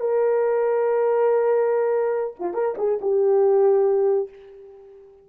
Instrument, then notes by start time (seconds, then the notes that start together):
horn
0.00 A#4
2.39 F4
2.53 A#4
2.78 G#4
3.01 G4